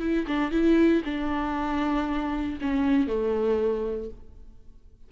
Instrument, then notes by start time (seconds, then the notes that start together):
viola
0.00 E4
0.27 D4
0.51 E4
1.05 D4
2.61 C#4
3.07 A3